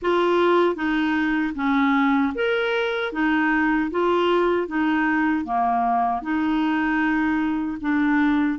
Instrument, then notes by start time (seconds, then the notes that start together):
clarinet
0.02 F4
0.75 D#4
1.55 C#4
2.34 A#4
3.12 D#4
3.91 F4
4.67 D#4
5.44 A#3
6.22 D#4
7.81 D4